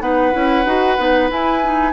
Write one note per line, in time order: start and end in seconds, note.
0.00 0.33 B3
0.00 0.32 D#4
0.00 1.93 B4
0.00 1.30 F#5
0.32 0.65 C#4
0.32 0.65 E4
0.65 0.98 D#4
0.65 0.98 F#4
0.98 1.31 B3
0.98 1.30 D#4
1.30 1.62 E4
1.30 1.93 E4
1.30 1.93 G#5
1.64 1.93 D#4